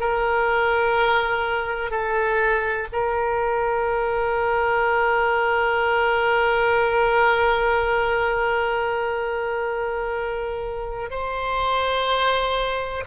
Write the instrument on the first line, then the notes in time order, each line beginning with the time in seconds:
oboe
0.00 A#4
1.91 A4
2.93 A#4
11.11 C5